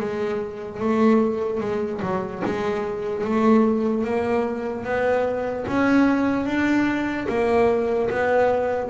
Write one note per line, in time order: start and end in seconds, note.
0.00 0.80 G#3
0.80 1.60 A3
1.60 2.01 G#3
2.02 2.43 F#3
2.45 3.25 G#3
3.25 4.04 A3
4.04 4.84 A#3
4.84 5.65 B3
5.68 6.46 C#4
6.46 7.27 D4
7.29 8.10 A#3
8.10 8.90 B3